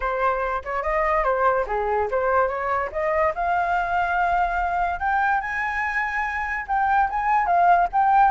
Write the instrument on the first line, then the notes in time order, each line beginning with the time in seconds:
flute
0.00 C5
0.64 C#5
0.83 D#5
1.23 C5
1.67 G#4
2.10 C5
2.48 C#5
2.92 D#5
3.34 F5
4.99 G5
5.41 G#5
6.67 G5
7.09 G#5
7.46 F5
7.92 G5